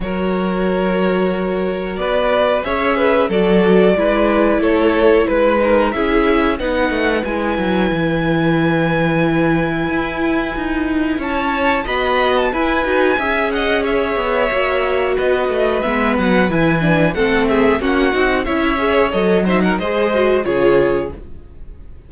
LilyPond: <<
  \new Staff \with { instrumentName = "violin" } { \time 4/4 \tempo 4 = 91 cis''2. d''4 | e''4 d''2 cis''4 | b'4 e''4 fis''4 gis''4~ | gis''1~ |
gis''4 a''4 b''8. a''16 gis''4~ | gis''8 fis''8 e''2 dis''4 | e''8 fis''8 gis''4 fis''8 e''8 fis''4 | e''4 dis''8 e''16 fis''16 dis''4 cis''4 | }
  \new Staff \with { instrumentName = "violin" } { \time 4/4 ais'2. b'4 | cis''8 b'8 a'4 b'4 a'4 | b'8 ais'8 gis'4 b'2~ | b'1~ |
b'4 cis''4 dis''4 b'4 | e''8 dis''8 cis''2 b'4~ | b'2 a'8 gis'8 fis'4 | cis''4. c''16 ais'16 c''4 gis'4 | }
  \new Staff \with { instrumentName = "viola" } { \time 4/4 fis'1 | gis'4 fis'4 e'2~ | e'8 dis'8 e'4 dis'4 e'4~ | e'1~ |
e'2 fis'4 e'8 fis'8 | gis'2 fis'2 | b4 e'8 d'8 c'4 cis'8 dis'8 | e'8 gis'8 a'8 dis'8 gis'8 fis'8 f'4 | }
  \new Staff \with { instrumentName = "cello" } { \time 4/4 fis2. b4 | cis'4 fis4 gis4 a4 | gis4 cis'4 b8 a8 gis8 fis8 | e2. e'4 |
dis'4 cis'4 b4 e'8 dis'8 | cis'4. b8 ais4 b8 a8 | gis8 fis8 e4 a4 ais8 c'8 | cis'4 fis4 gis4 cis4 | }
>>